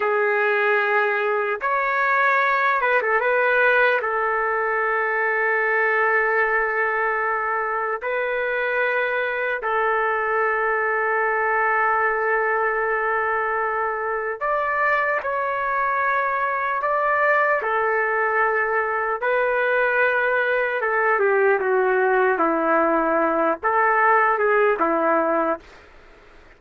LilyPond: \new Staff \with { instrumentName = "trumpet" } { \time 4/4 \tempo 4 = 75 gis'2 cis''4. b'16 a'16 | b'4 a'2.~ | a'2 b'2 | a'1~ |
a'2 d''4 cis''4~ | cis''4 d''4 a'2 | b'2 a'8 g'8 fis'4 | e'4. a'4 gis'8 e'4 | }